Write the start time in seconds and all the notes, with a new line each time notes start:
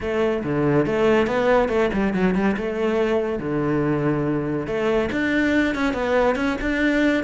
0.00 A3
0.43 D3
0.86 A3
1.26 B3
1.68 A3
1.93 G3
2.13 F#3
2.34 G3
2.56 A3
3.39 D3
4.67 A3
5.11 D4
5.74 C#4
5.93 B3
6.35 C#4
6.61 D4